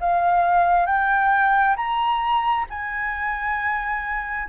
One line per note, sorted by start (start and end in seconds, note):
0.00 0.86 F5
0.86 1.75 G5
1.76 2.66 A#5
2.69 4.49 G#5